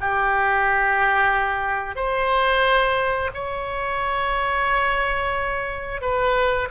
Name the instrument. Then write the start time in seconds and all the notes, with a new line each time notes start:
oboe
0.00 G4
1.96 C5
3.34 C#5
6.01 B4